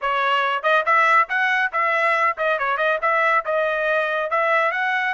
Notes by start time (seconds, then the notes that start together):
0.01 C#5
0.62 D#5
0.85 E5
1.28 F#5
1.72 E5
2.37 D#5
2.59 C#5
2.77 D#5
3.01 E5
3.45 D#5
4.30 E5
4.71 F#5